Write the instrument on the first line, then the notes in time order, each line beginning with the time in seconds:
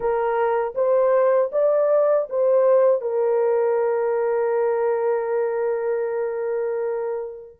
horn
0.00 A#4
0.74 C5
1.52 D5
2.29 C5
3.01 A#4